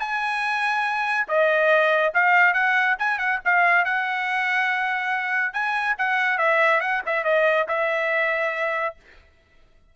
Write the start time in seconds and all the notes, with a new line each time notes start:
0.00 G#5
1.28 D#5
2.15 F5
2.54 F#5
2.99 G#5
3.19 F#5
3.45 F5
3.85 F#5
5.54 G#5
5.99 F#5
6.38 E5
6.81 F#5
7.06 E5
7.25 D#5
7.69 E5